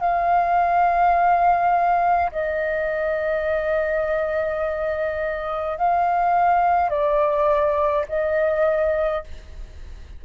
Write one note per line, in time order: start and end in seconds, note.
0.00 2.31 F5
2.32 5.78 D#5
5.78 6.90 F5
6.90 8.06 D5
8.09 9.24 D#5